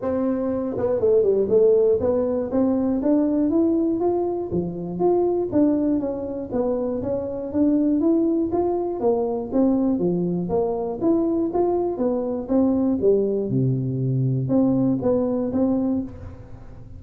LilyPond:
\new Staff \with { instrumentName = "tuba" } { \time 4/4 \tempo 4 = 120 c'4. b8 a8 g8 a4 | b4 c'4 d'4 e'4 | f'4 f4 f'4 d'4 | cis'4 b4 cis'4 d'4 |
e'4 f'4 ais4 c'4 | f4 ais4 e'4 f'4 | b4 c'4 g4 c4~ | c4 c'4 b4 c'4 | }